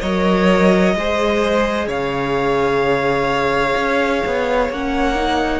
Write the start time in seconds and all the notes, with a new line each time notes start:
0.00 F#3 A#4 C#5 D#5
0.95 G#3 G#4 C5
1.87 C#3 C#5 F5
3.76 C#4
4.25 B3
4.69 A#3 C#4 F#5
5.15 D#4